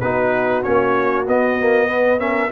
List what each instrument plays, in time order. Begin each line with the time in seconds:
0.00 tuba B3, trombone D#4, horn F#4, trumpet B4
0.63 tuba A#3, trombone C#4, trumpet C#5
1.28 tuba B3, trombone B3, trumpet D#5
1.60 trombone A#3
1.88 trombone B3, horn B4
2.19 trombone C#4, horn A#4, trumpet E5